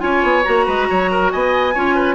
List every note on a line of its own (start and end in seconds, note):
0.00 0.23 C#4
0.00 0.43 F4
0.00 0.66 C#5
0.00 0.43 G#5
0.23 0.45 B3
0.44 0.67 A#3
0.44 1.72 F#4
0.44 1.30 A#5
0.66 0.89 G#3
0.66 0.87 B4
0.89 1.33 F#3
0.89 1.11 C#5
1.11 1.32 A#4
1.31 1.75 B3
1.31 1.74 D#5
1.31 2.15 G#5
1.74 2.15 C#4
1.74 2.15 F4
1.74 1.95 C#5
1.95 2.15 B4